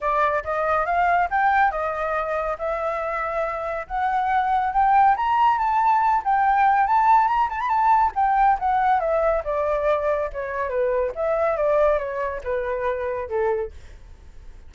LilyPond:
\new Staff \with { instrumentName = "flute" } { \time 4/4 \tempo 4 = 140 d''4 dis''4 f''4 g''4 | dis''2 e''2~ | e''4 fis''2 g''4 | ais''4 a''4. g''4. |
a''4 ais''8 a''16 b''16 a''4 g''4 | fis''4 e''4 d''2 | cis''4 b'4 e''4 d''4 | cis''4 b'2 a'4 | }